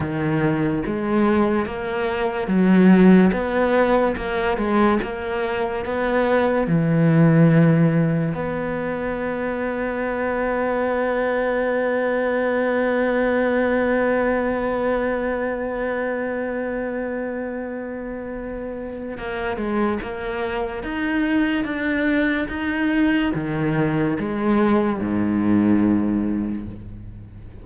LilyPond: \new Staff \with { instrumentName = "cello" } { \time 4/4 \tempo 4 = 72 dis4 gis4 ais4 fis4 | b4 ais8 gis8 ais4 b4 | e2 b2~ | b1~ |
b1~ | b2. ais8 gis8 | ais4 dis'4 d'4 dis'4 | dis4 gis4 gis,2 | }